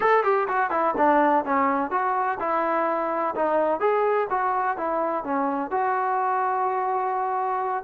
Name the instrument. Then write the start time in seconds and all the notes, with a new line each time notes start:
trombone
0.00 A4
0.23 G4
0.47 F#4
0.70 E4
0.97 D4
1.44 C#4
1.90 F#4
2.39 E4
3.35 D#4
3.80 G#4
4.30 F#4
4.77 E4
5.23 C#4
5.70 F#4